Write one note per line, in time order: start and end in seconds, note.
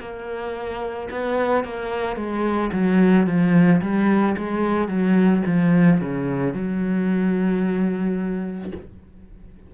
0.00 1.09 A#3
1.11 1.64 B3
1.64 2.16 A#3
2.16 2.71 G#3
2.72 3.27 F#3
3.27 3.81 F3
3.81 4.36 G3
4.37 4.88 G#3
4.88 5.42 F#3
5.46 6.01 F3
6.01 6.54 C#3
6.54 8.72 F#3